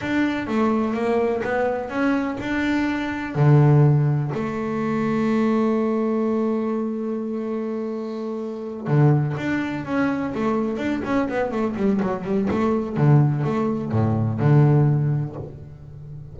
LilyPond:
\new Staff \with { instrumentName = "double bass" } { \time 4/4 \tempo 4 = 125 d'4 a4 ais4 b4 | cis'4 d'2 d4~ | d4 a2.~ | a1~ |
a2~ a8 d4 d'8~ | d'8 cis'4 a4 d'8 cis'8 b8 | a8 g8 fis8 g8 a4 d4 | a4 a,4 d2 | }